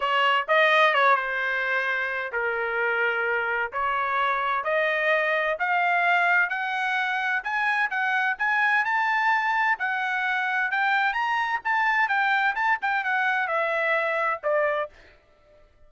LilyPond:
\new Staff \with { instrumentName = "trumpet" } { \time 4/4 \tempo 4 = 129 cis''4 dis''4 cis''8 c''4.~ | c''4 ais'2. | cis''2 dis''2 | f''2 fis''2 |
gis''4 fis''4 gis''4 a''4~ | a''4 fis''2 g''4 | ais''4 a''4 g''4 a''8 g''8 | fis''4 e''2 d''4 | }